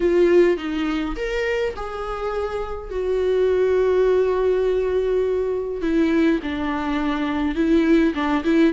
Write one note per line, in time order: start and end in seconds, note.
0.00 0.57 F4
0.57 1.15 D#4
1.16 1.74 A#4
1.76 2.90 G#4
2.90 5.81 F#4
5.81 6.39 E4
6.42 7.55 D4
7.55 8.13 E4
8.14 8.43 D4
8.44 8.73 E4